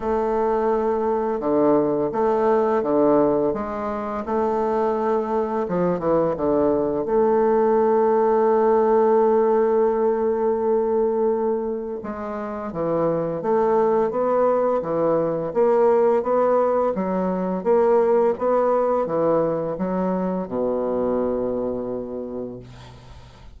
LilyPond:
\new Staff \with { instrumentName = "bassoon" } { \time 4/4 \tempo 4 = 85 a2 d4 a4 | d4 gis4 a2 | f8 e8 d4 a2~ | a1~ |
a4 gis4 e4 a4 | b4 e4 ais4 b4 | fis4 ais4 b4 e4 | fis4 b,2. | }